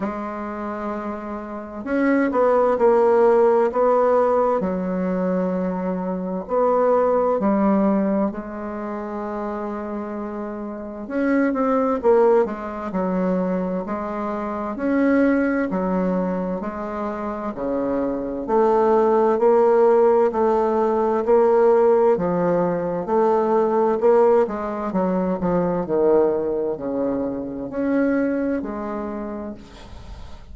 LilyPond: \new Staff \with { instrumentName = "bassoon" } { \time 4/4 \tempo 4 = 65 gis2 cis'8 b8 ais4 | b4 fis2 b4 | g4 gis2. | cis'8 c'8 ais8 gis8 fis4 gis4 |
cis'4 fis4 gis4 cis4 | a4 ais4 a4 ais4 | f4 a4 ais8 gis8 fis8 f8 | dis4 cis4 cis'4 gis4 | }